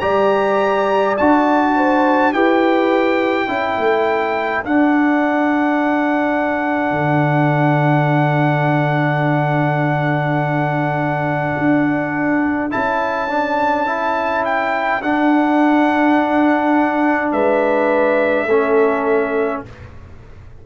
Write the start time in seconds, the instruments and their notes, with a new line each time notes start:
0.00 tuba G3, trombone G4, horn D5, trumpet A#5
1.18 tuba D4, trombone F#4, trumpet A5
1.76 horn C5
2.33 tuba E4, trombone G4, horn B4, trumpet G5
3.47 tuba C#4, trombone E4, horn A4
3.78 tuba A3
4.64 trombone D4, tuba D4, trumpet F#5
6.91 tuba D3
11.58 tuba D4
12.71 tuba C#4, trombone E4, trumpet A5
13.29 trombone D4
13.86 trombone E4
14.45 trumpet G5
15.02 tuba D4, trombone D4, trumpet F#5
17.32 tuba G#3, horn B4, trumpet E5
18.46 tuba A3, trombone C#4, horn A4